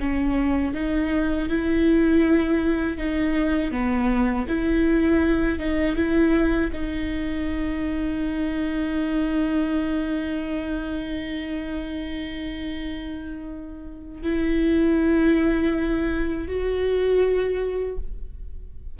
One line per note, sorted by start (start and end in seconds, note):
0.00 0.74 C#4
0.74 1.49 D#4
1.49 2.98 E4
2.98 3.72 D#4
3.72 4.47 B3
4.49 5.59 E4
5.59 5.96 D#4
5.96 6.71 E4
6.73 14.23 D#4
14.23 16.48 E4
16.48 17.98 F#4